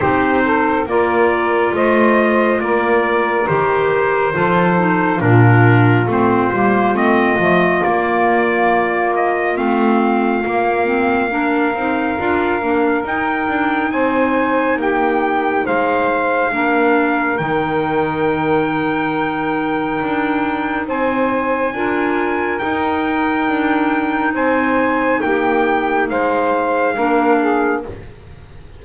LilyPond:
<<
  \new Staff \with { instrumentName = "trumpet" } { \time 4/4 \tempo 4 = 69 c''4 d''4 dis''4 d''4 | c''2 ais'4 c''4 | dis''4 d''4. dis''8 f''4~ | f''2. g''4 |
gis''4 g''4 f''2 | g''1 | gis''2 g''2 | gis''4 g''4 f''2 | }
  \new Staff \with { instrumentName = "saxophone" } { \time 4/4 g'8 a'8 ais'4 c''4 ais'4~ | ais'4 a'4 f'2~ | f'1~ | f'4 ais'2. |
c''4 g'4 c''4 ais'4~ | ais'1 | c''4 ais'2. | c''4 g'4 c''4 ais'8 gis'8 | }
  \new Staff \with { instrumentName = "clarinet" } { \time 4/4 dis'4 f'2. | g'4 f'8 dis'8 d'4 c'8 ais8 | c'8 a8 ais2 c'4 | ais8 c'8 d'8 dis'8 f'8 d'8 dis'4~ |
dis'2. d'4 | dis'1~ | dis'4 f'4 dis'2~ | dis'2. d'4 | }
  \new Staff \with { instrumentName = "double bass" } { \time 4/4 c'4 ais4 a4 ais4 | dis4 f4 ais,4 a8 g8 | a8 f8 ais2 a4 | ais4. c'8 d'8 ais8 dis'8 d'8 |
c'4 ais4 gis4 ais4 | dis2. d'4 | c'4 d'4 dis'4 d'4 | c'4 ais4 gis4 ais4 | }
>>